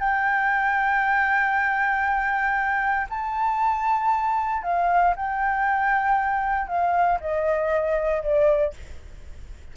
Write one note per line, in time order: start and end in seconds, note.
0.00 3.08 G5
3.10 4.63 A5
4.63 5.15 F5
5.17 6.68 G5
6.68 7.19 F5
7.21 8.23 D#5
8.23 8.74 D5